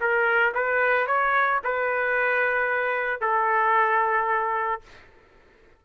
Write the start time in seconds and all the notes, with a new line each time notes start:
0.00 A#4
0.54 B4
1.06 C#5
1.64 B4
3.21 A4